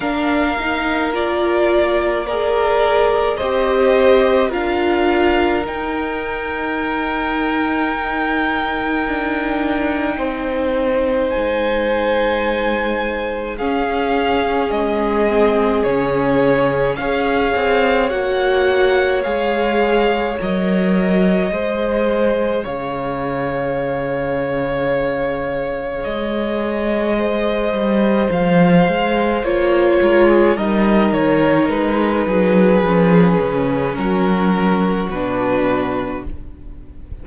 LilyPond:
<<
  \new Staff \with { instrumentName = "violin" } { \time 4/4 \tempo 4 = 53 f''4 d''4 ais'4 dis''4 | f''4 g''2.~ | g''2 gis''2 | f''4 dis''4 cis''4 f''4 |
fis''4 f''4 dis''2 | f''2. dis''4~ | dis''4 f''4 cis''4 dis''8 cis''8 | b'2 ais'4 b'4 | }
  \new Staff \with { instrumentName = "violin" } { \time 4/4 ais'2 d''4 c''4 | ais'1~ | ais'4 c''2. | gis'2. cis''4~ |
cis''2. c''4 | cis''1 | c''2~ c''8 ais'16 gis'16 ais'4~ | ais'8 gis'4. fis'2 | }
  \new Staff \with { instrumentName = "viola" } { \time 4/4 d'8 dis'8 f'4 gis'4 g'4 | f'4 dis'2.~ | dis'1 | cis'4. c'8 cis'4 gis'4 |
fis'4 gis'4 ais'4 gis'4~ | gis'1~ | gis'2 f'4 dis'4~ | dis'4 cis'2 d'4 | }
  \new Staff \with { instrumentName = "cello" } { \time 4/4 ais2. c'4 | d'4 dis'2. | d'4 c'4 gis2 | cis'4 gis4 cis4 cis'8 c'8 |
ais4 gis4 fis4 gis4 | cis2. gis4~ | gis8 g8 f8 gis8 ais8 gis8 g8 dis8 | gis8 fis8 f8 cis8 fis4 b,4 | }
>>